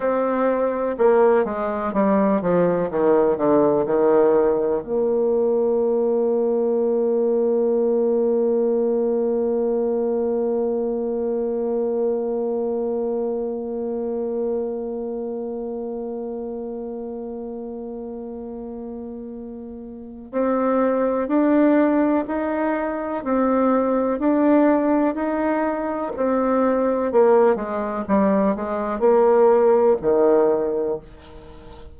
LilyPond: \new Staff \with { instrumentName = "bassoon" } { \time 4/4 \tempo 4 = 62 c'4 ais8 gis8 g8 f8 dis8 d8 | dis4 ais2.~ | ais1~ | ais1~ |
ais1~ | ais4 c'4 d'4 dis'4 | c'4 d'4 dis'4 c'4 | ais8 gis8 g8 gis8 ais4 dis4 | }